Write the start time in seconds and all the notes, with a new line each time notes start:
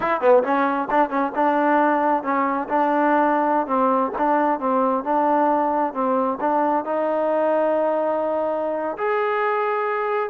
0.00 E4
0.20 B3
0.43 C#4
0.90 D4
1.09 C#4
1.35 D4
2.23 C#4
2.69 D4
3.66 C4
4.18 D4
4.59 C4
5.04 D4
5.93 C4
6.40 D4
6.84 D#4
8.97 G#4